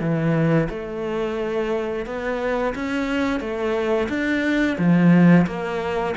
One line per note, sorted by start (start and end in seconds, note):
0.00 0.68 E3
0.69 2.06 A3
2.06 2.74 B3
2.75 3.40 C#4
3.40 4.08 A3
4.09 4.77 D4
4.78 5.46 F3
5.47 6.15 A#3